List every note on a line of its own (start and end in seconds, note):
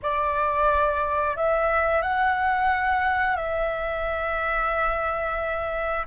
0.02 1.36 D5
1.36 2.01 E5
2.01 3.36 F#5
3.36 6.06 E5